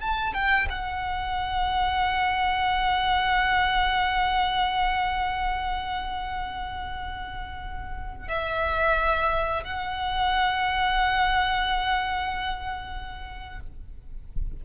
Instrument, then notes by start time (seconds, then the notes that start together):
violin
0.00 A5
0.34 G5
0.70 F#5
8.28 E5
9.64 F#5